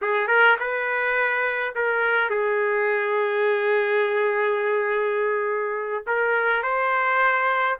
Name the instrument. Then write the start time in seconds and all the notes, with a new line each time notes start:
trumpet
0.01 G#4
0.27 A#4
0.59 B4
1.75 A#4
2.29 G#4
6.07 A#4
6.62 C5